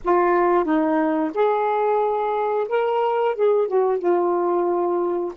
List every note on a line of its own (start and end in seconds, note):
0.04 0.64 F4
0.64 1.31 D#4
1.34 2.67 G#4
2.68 3.35 A#4
3.35 3.67 G#4
3.67 3.98 F#4
3.98 5.32 F4